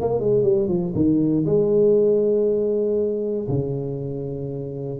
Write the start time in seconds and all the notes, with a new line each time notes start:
0.00 A#3
0.19 G#3
0.43 G3
0.68 F3
0.95 D#3
1.46 G#3
3.48 C#3